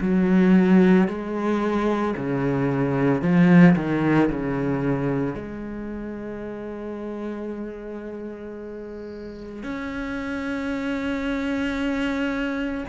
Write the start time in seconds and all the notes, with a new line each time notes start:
0.00 F#3
1.07 G#3
2.17 C#3
3.21 F3
3.75 D#3
4.30 C#3
5.35 G#3
9.63 C#4